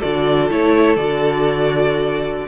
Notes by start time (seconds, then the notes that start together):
0.00 D3 F#4 A4 D5
0.50 A3 E4 C#5
0.96 D3 F#4 D5